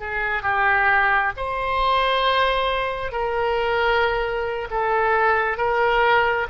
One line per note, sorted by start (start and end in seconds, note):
0.00 0.43 G#4
0.43 1.33 G4
1.37 3.12 C5
3.12 4.69 A#4
4.71 5.58 A4
5.58 6.47 A#4